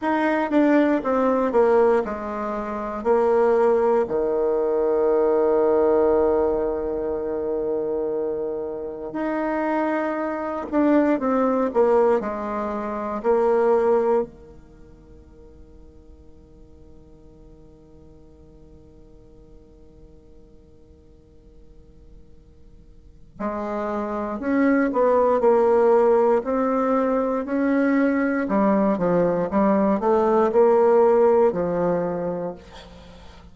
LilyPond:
\new Staff \with { instrumentName = "bassoon" } { \time 4/4 \tempo 4 = 59 dis'8 d'8 c'8 ais8 gis4 ais4 | dis1~ | dis4 dis'4. d'8 c'8 ais8 | gis4 ais4 dis2~ |
dis1~ | dis2. gis4 | cis'8 b8 ais4 c'4 cis'4 | g8 f8 g8 a8 ais4 f4 | }